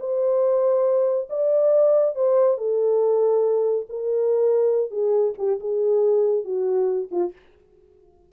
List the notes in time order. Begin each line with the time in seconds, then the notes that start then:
0.00 C5
1.30 D5
2.15 C5
2.58 A4
3.89 A#4
4.91 G#4
5.38 G4
5.60 G#4
6.45 F#4
7.11 F4